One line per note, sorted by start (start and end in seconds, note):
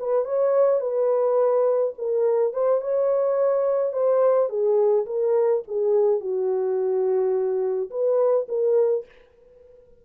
0.00 0.25 B4
0.25 0.81 C#5
0.81 1.94 B4
1.98 2.54 A#4
2.54 2.82 C5
2.82 3.93 C#5
3.93 4.49 C5
4.49 5.06 G#4
5.07 5.63 A#4
5.68 6.21 G#4
6.21 7.90 F#4
7.91 8.47 B4
8.49 9.06 A#4